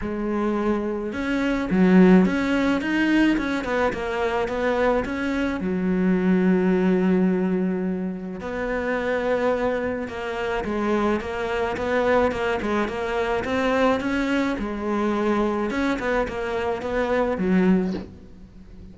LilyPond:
\new Staff \with { instrumentName = "cello" } { \time 4/4 \tempo 4 = 107 gis2 cis'4 fis4 | cis'4 dis'4 cis'8 b8 ais4 | b4 cis'4 fis2~ | fis2. b4~ |
b2 ais4 gis4 | ais4 b4 ais8 gis8 ais4 | c'4 cis'4 gis2 | cis'8 b8 ais4 b4 fis4 | }